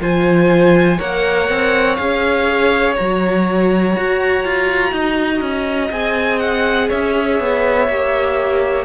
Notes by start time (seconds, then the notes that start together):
0.00 F3 F4 C5 G#5
0.97 A#3 A#4 C#5 F#5
1.49 C4
1.95 C#4 G#4 F5
2.96 F#3 F#4 A#5
3.96 F#4
4.44 F4
4.92 D#4 D#5
5.41 C#4
5.91 C4 G#4 G#5
6.39 F#5
6.89 C#4 C#5 E5
7.39 B3
7.88 A#3 G4